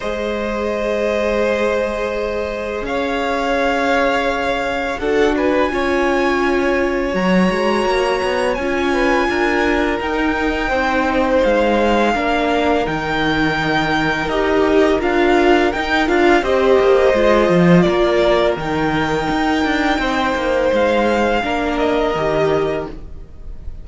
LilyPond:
<<
  \new Staff \with { instrumentName = "violin" } { \time 4/4 \tempo 4 = 84 dis''1 | f''2. fis''8 gis''8~ | gis''2 ais''2 | gis''2 g''2 |
f''2 g''2 | dis''4 f''4 g''8 f''8 dis''4~ | dis''4 d''4 g''2~ | g''4 f''4. dis''4. | }
  \new Staff \with { instrumentName = "violin" } { \time 4/4 c''1 | cis''2. a'8 b'8 | cis''1~ | cis''8 b'8 ais'2 c''4~ |
c''4 ais'2.~ | ais'2. c''4~ | c''4 ais'2. | c''2 ais'2 | }
  \new Staff \with { instrumentName = "viola" } { \time 4/4 gis'1~ | gis'2. fis'4 | f'2 fis'2 | f'2 dis'2~ |
dis'4 d'4 dis'2 | g'4 f'4 dis'8 f'8 g'4 | f'2 dis'2~ | dis'2 d'4 g'4 | }
  \new Staff \with { instrumentName = "cello" } { \time 4/4 gis1 | cis'2. d'4 | cis'2 fis8 gis8 ais8 b8 | cis'4 d'4 dis'4 c'4 |
gis4 ais4 dis2 | dis'4 d'4 dis'8 d'8 c'8 ais8 | gis8 f8 ais4 dis4 dis'8 d'8 | c'8 ais8 gis4 ais4 dis4 | }
>>